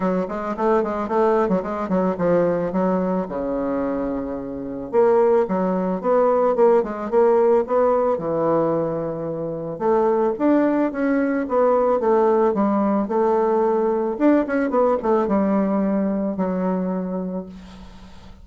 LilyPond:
\new Staff \with { instrumentName = "bassoon" } { \time 4/4 \tempo 4 = 110 fis8 gis8 a8 gis8 a8. fis16 gis8 fis8 | f4 fis4 cis2~ | cis4 ais4 fis4 b4 | ais8 gis8 ais4 b4 e4~ |
e2 a4 d'4 | cis'4 b4 a4 g4 | a2 d'8 cis'8 b8 a8 | g2 fis2 | }